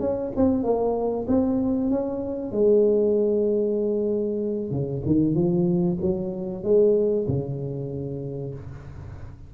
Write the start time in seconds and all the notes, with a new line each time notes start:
0.00 C#4
0.36 C4
0.63 A#3
1.28 C4
1.90 C#4
2.52 G#3
4.71 C#3
5.06 D#3
5.35 F3
6.02 F#3
6.63 G#3
7.28 C#3